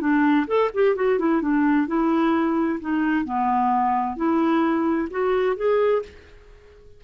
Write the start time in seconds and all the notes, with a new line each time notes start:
0.00 D4
0.47 A4
0.74 G4
0.95 F#4
1.18 E4
1.41 D4
1.87 E4
2.80 D#4
3.25 B3
4.16 E4
5.10 F#4
5.56 G#4